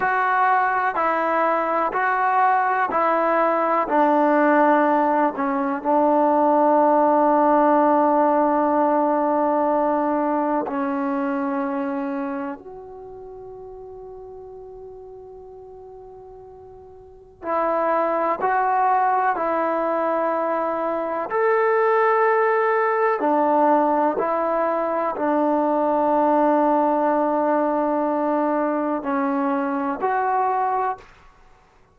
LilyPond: \new Staff \with { instrumentName = "trombone" } { \time 4/4 \tempo 4 = 62 fis'4 e'4 fis'4 e'4 | d'4. cis'8 d'2~ | d'2. cis'4~ | cis'4 fis'2.~ |
fis'2 e'4 fis'4 | e'2 a'2 | d'4 e'4 d'2~ | d'2 cis'4 fis'4 | }